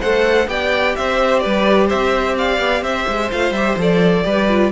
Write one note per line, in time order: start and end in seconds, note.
0.00 0.47 A3
0.00 0.47 A4
0.00 0.47 C5
0.00 0.48 F#5
0.47 0.94 B3
0.47 3.30 G4
0.47 0.97 D5
0.47 0.95 G5
0.95 1.45 C4
0.95 1.41 C5
0.95 1.39 E5
1.39 1.92 G3
1.39 1.87 B4
1.39 1.86 D5
1.87 2.34 C5
1.87 2.36 E5
1.93 2.59 C4
2.37 2.83 D5
2.37 2.83 F5
2.59 2.81 B3
2.81 3.05 C4
2.81 4.24 C5
2.81 3.30 E5
3.08 3.31 G#3
3.30 3.50 A3
3.30 3.54 F4
3.30 3.52 F5
3.50 3.74 G3
3.50 3.78 G4
3.50 3.75 E5
3.76 4.23 F3
3.76 4.23 A4
3.76 4.71 D5
4.23 4.71 G3
4.23 4.47 G4
4.23 4.71 B4
4.49 4.71 F4